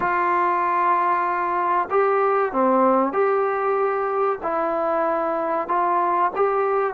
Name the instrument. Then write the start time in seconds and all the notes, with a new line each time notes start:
trombone
0.00 F4
1.90 G4
2.52 C4
3.12 G4
4.42 E4
5.68 F4
6.35 G4